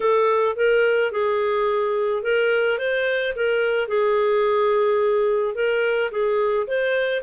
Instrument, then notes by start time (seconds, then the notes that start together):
clarinet
0.00 A4
0.56 A#4
1.11 G#4
2.22 A#4
2.78 C5
3.35 A#4
3.88 G#4
5.55 A#4
6.11 G#4
6.67 C5